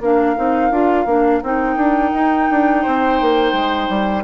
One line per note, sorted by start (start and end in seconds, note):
0.00 0.35 A#3
0.00 0.36 D4
0.00 2.82 A#4
0.00 1.41 F5
0.36 0.70 C4
0.36 0.71 D#4
0.70 1.05 D4
0.70 1.06 F4
1.05 1.40 A#3
1.05 1.42 D4
1.41 1.76 C4
1.41 4.24 D#4
1.41 4.23 G5
1.76 2.11 D4
2.13 2.49 D#4
2.50 2.85 D4
2.82 3.21 C4
2.82 4.23 C5
3.21 3.52 A#3
3.52 3.88 G#3
3.89 4.24 G3